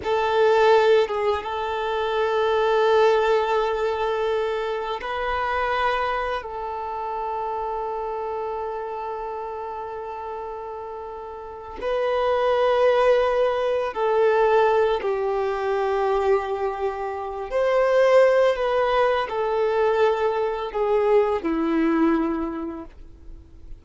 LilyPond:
\new Staff \with { instrumentName = "violin" } { \time 4/4 \tempo 4 = 84 a'4. gis'8 a'2~ | a'2. b'4~ | b'4 a'2.~ | a'1~ |
a'8 b'2. a'8~ | a'4 g'2.~ | g'8 c''4. b'4 a'4~ | a'4 gis'4 e'2 | }